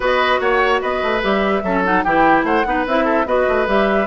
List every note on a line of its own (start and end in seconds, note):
0.00 0.39 B3
0.00 1.20 F#4
0.00 0.40 B4
0.00 0.40 D#5
0.40 0.81 A#3
0.40 0.81 C#5
0.40 0.81 F#5
0.81 1.02 B3
0.81 1.62 B4
0.81 1.22 D#5
1.02 1.23 A3
1.22 1.63 G3
1.22 1.62 G4
1.22 1.84 E5
1.63 2.04 F#3
1.63 1.84 C#4
1.63 2.04 A4
1.84 2.04 D#4
1.84 2.03 F#5
2.03 2.43 E3
2.03 2.65 E4
2.03 2.45 G4
2.03 2.44 G5
2.43 2.63 A3
2.43 2.65 C5
2.43 2.86 F#5
2.65 2.86 B3
2.65 2.85 D#4
2.65 3.04 B4
2.86 3.25 C4
2.86 3.26 E4
2.86 3.27 E5
3.04 3.25 A4
3.25 3.46 B3
3.25 3.67 F#4
3.25 4.07 B4
3.25 3.68 D#5
3.48 3.67 A3
3.67 4.07 G3
3.67 4.07 G4
3.67 4.07 E5